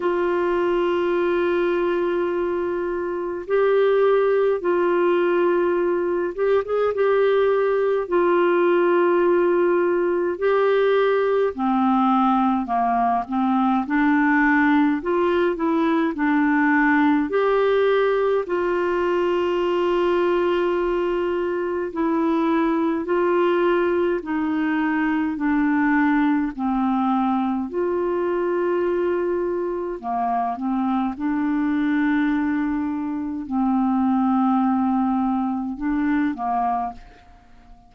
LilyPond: \new Staff \with { instrumentName = "clarinet" } { \time 4/4 \tempo 4 = 52 f'2. g'4 | f'4. g'16 gis'16 g'4 f'4~ | f'4 g'4 c'4 ais8 c'8 | d'4 f'8 e'8 d'4 g'4 |
f'2. e'4 | f'4 dis'4 d'4 c'4 | f'2 ais8 c'8 d'4~ | d'4 c'2 d'8 ais8 | }